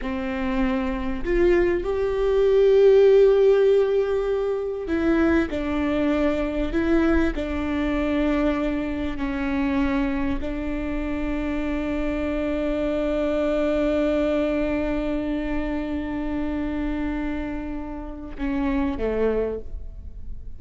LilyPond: \new Staff \with { instrumentName = "viola" } { \time 4/4 \tempo 4 = 98 c'2 f'4 g'4~ | g'1 | e'4 d'2 e'4 | d'2. cis'4~ |
cis'4 d'2.~ | d'1~ | d'1~ | d'2 cis'4 a4 | }